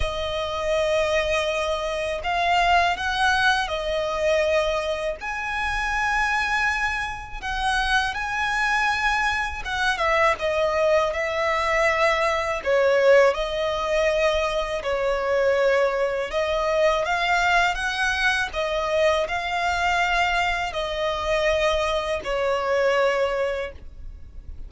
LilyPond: \new Staff \with { instrumentName = "violin" } { \time 4/4 \tempo 4 = 81 dis''2. f''4 | fis''4 dis''2 gis''4~ | gis''2 fis''4 gis''4~ | gis''4 fis''8 e''8 dis''4 e''4~ |
e''4 cis''4 dis''2 | cis''2 dis''4 f''4 | fis''4 dis''4 f''2 | dis''2 cis''2 | }